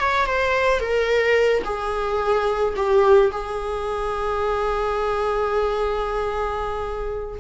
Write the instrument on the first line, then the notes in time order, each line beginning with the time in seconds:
viola
0.00 C#5
0.26 C5
0.80 A#4
1.64 G#4
2.76 G4
3.32 G#4